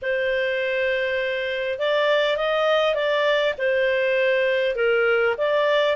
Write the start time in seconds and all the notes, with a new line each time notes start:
0.01 C5
1.78 D5
2.37 D#5
2.94 D5
3.58 C5
4.75 A#4
5.37 D5